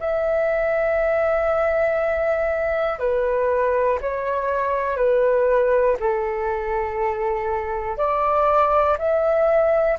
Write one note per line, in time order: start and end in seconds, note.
0.00 2.99 E5
2.99 3.99 B4
4.01 4.97 C#5
4.97 5.97 B4
6.00 7.98 A4
7.98 8.98 D5
8.99 9.99 E5